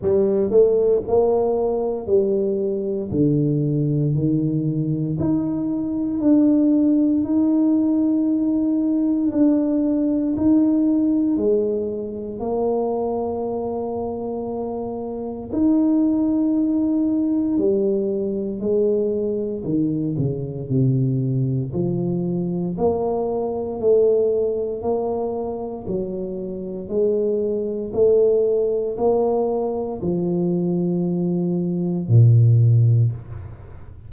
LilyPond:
\new Staff \with { instrumentName = "tuba" } { \time 4/4 \tempo 4 = 58 g8 a8 ais4 g4 d4 | dis4 dis'4 d'4 dis'4~ | dis'4 d'4 dis'4 gis4 | ais2. dis'4~ |
dis'4 g4 gis4 dis8 cis8 | c4 f4 ais4 a4 | ais4 fis4 gis4 a4 | ais4 f2 ais,4 | }